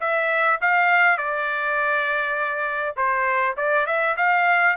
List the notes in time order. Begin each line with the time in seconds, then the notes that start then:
0.00 E5
0.61 F5
1.17 D5
2.96 C5
3.57 D5
3.86 E5
4.17 F5